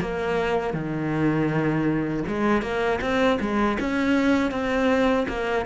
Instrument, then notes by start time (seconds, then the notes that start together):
cello
0.00 A#3
0.73 D#3
2.27 G#3
2.62 A#3
3.01 C4
3.40 G#3
3.80 C#4
4.51 C4
5.28 A#3